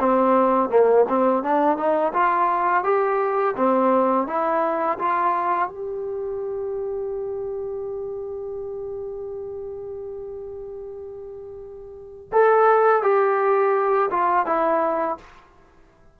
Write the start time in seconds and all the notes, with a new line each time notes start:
0.00 C4
0.70 A#3
1.09 C4
1.44 D4
1.77 D#4
2.14 F4
2.84 G4
3.57 C4
4.27 E4
4.99 F4
5.69 G4
12.33 A4
13.03 G4
14.11 F4
14.46 E4